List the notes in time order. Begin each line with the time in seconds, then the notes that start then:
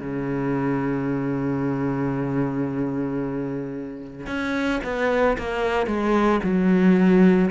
0.00 C#3
4.27 C#4
4.84 B3
5.38 A#3
5.87 G#3
6.43 F#3